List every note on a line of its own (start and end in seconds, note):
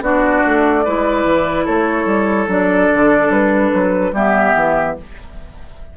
0.00 0.41 B3
0.00 0.85 D4
0.00 0.84 F#4
0.00 1.66 D5
0.45 0.86 A3
0.84 1.24 G#3
0.84 2.48 E4
0.84 1.65 B4
1.24 1.65 E3
1.65 2.05 A3
1.65 4.11 A4
1.65 2.48 C#5
2.05 2.46 G3
2.47 2.89 F#3
2.47 4.12 D4
2.47 3.32 D5
2.93 3.29 D3
3.29 3.70 G3
3.29 4.14 B4
3.73 4.12 F#3
4.12 4.53 G3
4.12 4.97 B3
4.12 4.96 G4
4.12 4.97 E5
4.55 4.96 E3